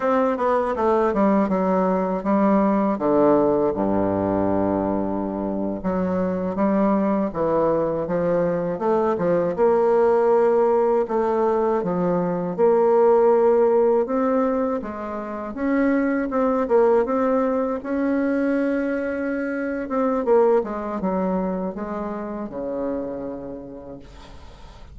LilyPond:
\new Staff \with { instrumentName = "bassoon" } { \time 4/4 \tempo 4 = 80 c'8 b8 a8 g8 fis4 g4 | d4 g,2~ g,8. fis16~ | fis8. g4 e4 f4 a16~ | a16 f8 ais2 a4 f16~ |
f8. ais2 c'4 gis16~ | gis8. cis'4 c'8 ais8 c'4 cis'16~ | cis'2~ cis'8 c'8 ais8 gis8 | fis4 gis4 cis2 | }